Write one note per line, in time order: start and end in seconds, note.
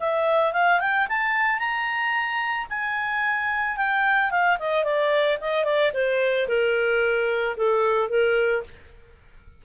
0.00 0.53 E5
0.53 0.80 F5
0.80 1.07 G5
1.09 1.59 A5
1.59 2.67 A#5
2.70 3.77 G#5
3.77 4.31 G5
4.31 4.58 F5
4.59 4.84 D#5
4.84 5.38 D5
5.41 5.64 D#5
5.64 5.91 D5
5.94 6.48 C5
6.48 7.56 A#4
7.57 8.09 A4
8.09 8.63 A#4